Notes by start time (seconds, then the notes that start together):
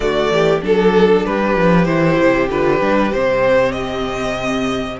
0.00 D3 A3 F#4 D5
0.30 E3 G4
0.61 F#3 D4 A4
1.26 G3 G4 B4
1.56 F3
1.85 E3 E4 C5
2.20 C3
2.49 D3 F4 B4
2.80 G3 D4
3.12 C3 C4 C5
3.72 D#5